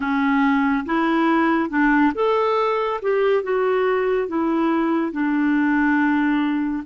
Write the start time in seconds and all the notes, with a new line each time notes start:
0.00 C#4
0.85 E4
1.69 D4
2.14 A4
3.02 G4
3.43 F#4
4.27 E4
5.12 D4